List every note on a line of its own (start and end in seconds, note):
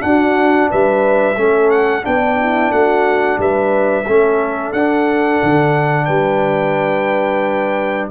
0.00 1.35 D4
0.00 0.71 D4
0.00 0.71 F#4
0.00 0.70 F#5
0.71 1.37 G3
0.71 1.38 B4
0.71 1.71 E5
1.37 2.04 A3
1.37 2.02 C#4
1.37 2.05 A4
1.71 2.04 F#5
2.02 2.71 B3
2.02 4.04 D4
2.02 2.38 D4
2.02 2.72 G5
2.40 2.73 E4
2.71 3.38 A3
2.71 3.39 F#4
2.71 3.39 F#5
3.38 4.06 G3
3.38 4.06 B4
3.38 4.73 E5
4.06 4.73 A3
4.06 4.76 C#4
4.06 6.07 A4
4.73 5.40 D4
4.73 8.11 D4
4.73 6.05 F#5
5.43 6.08 D3
6.05 8.11 G3
6.05 8.09 B4
6.05 8.07 G5